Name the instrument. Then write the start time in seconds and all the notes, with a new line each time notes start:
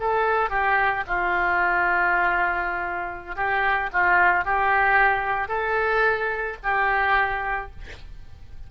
oboe
0.00 A4
0.50 G4
1.07 F4
3.36 G4
3.93 F4
4.45 G4
5.48 A4
6.63 G4